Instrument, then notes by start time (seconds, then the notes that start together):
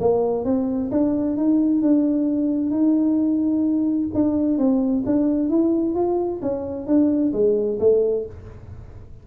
tuba
0.00 A#3
0.44 C4
0.91 D4
1.37 D#4
1.82 D4
2.70 D#4
4.15 D4
4.58 C4
5.06 D4
5.49 E4
5.95 F4
6.42 C#4
6.87 D4
7.33 G#3
7.80 A3